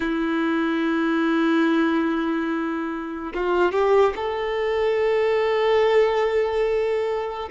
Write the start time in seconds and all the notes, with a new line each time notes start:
0.00 E4
3.34 F4
3.72 G4
4.15 A4